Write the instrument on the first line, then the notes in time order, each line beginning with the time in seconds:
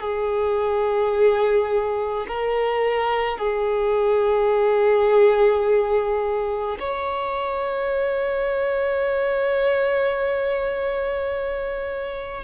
violin
0.00 G#4
2.28 A#4
3.38 G#4
6.80 C#5